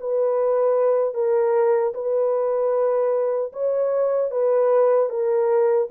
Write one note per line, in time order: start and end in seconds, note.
0.00 1.14 B4
1.14 1.93 A#4
1.94 3.52 B4
3.52 4.31 C#5
4.31 5.09 B4
5.09 5.88 A#4